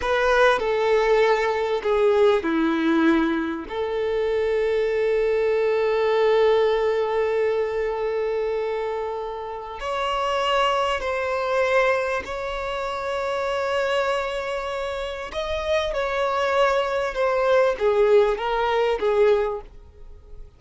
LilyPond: \new Staff \with { instrumentName = "violin" } { \time 4/4 \tempo 4 = 98 b'4 a'2 gis'4 | e'2 a'2~ | a'1~ | a'1 |
cis''2 c''2 | cis''1~ | cis''4 dis''4 cis''2 | c''4 gis'4 ais'4 gis'4 | }